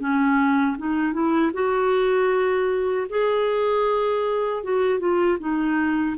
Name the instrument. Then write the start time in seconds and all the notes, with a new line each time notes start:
clarinet
0.00 C#4
0.78 D#4
1.13 E4
1.53 F#4
3.10 G#4
4.64 F#4
5.00 F4
5.40 D#4